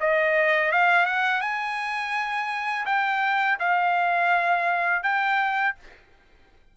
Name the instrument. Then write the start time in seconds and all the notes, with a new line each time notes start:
trumpet
0.00 D#5
0.71 F5
1.05 F#5
1.41 G#5
2.86 G5
3.59 F5
5.02 G5